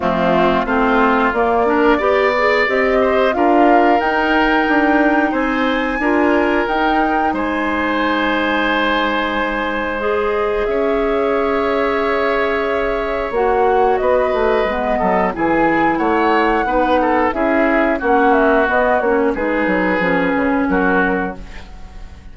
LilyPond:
<<
  \new Staff \with { instrumentName = "flute" } { \time 4/4 \tempo 4 = 90 f'4 c''4 d''2 | dis''4 f''4 g''2 | gis''2 g''4 gis''4~ | gis''2. dis''4 |
e''1 | fis''4 dis''2 gis''4 | fis''2 e''4 fis''8 e''8 | dis''8 cis''8 b'2 ais'4 | }
  \new Staff \with { instrumentName = "oboe" } { \time 4/4 c'4 f'4. ais'8 d''4~ | d''8 c''8 ais'2. | c''4 ais'2 c''4~ | c''1 |
cis''1~ | cis''4 b'4. a'8 gis'4 | cis''4 b'8 a'8 gis'4 fis'4~ | fis'4 gis'2 fis'4 | }
  \new Staff \with { instrumentName = "clarinet" } { \time 4/4 a4 c'4 ais8 d'8 g'8 gis'8 | g'4 f'4 dis'2~ | dis'4 f'4 dis'2~ | dis'2. gis'4~ |
gis'1 | fis'2 b4 e'4~ | e'4 dis'4 e'4 cis'4 | b8 cis'8 dis'4 cis'2 | }
  \new Staff \with { instrumentName = "bassoon" } { \time 4/4 f4 a4 ais4 b4 | c'4 d'4 dis'4 d'4 | c'4 d'4 dis'4 gis4~ | gis1 |
cis'1 | ais4 b8 a8 gis8 fis8 e4 | a4 b4 cis'4 ais4 | b8 ais8 gis8 fis8 f8 cis8 fis4 | }
>>